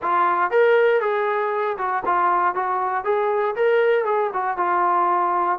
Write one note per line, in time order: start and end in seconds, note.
0.02 0.50 F4
0.50 1.01 A#4
1.01 1.77 G#4
1.77 2.03 F#4
2.05 2.54 F4
2.54 3.04 F#4
3.04 3.55 G#4
3.55 4.04 A#4
4.04 4.30 G#4
4.33 4.57 F#4
4.57 5.59 F4